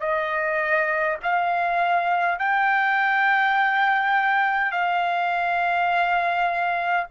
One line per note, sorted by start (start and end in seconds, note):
0.00 1.18 D#5
1.23 2.39 F5
2.39 4.71 G5
4.71 7.06 F5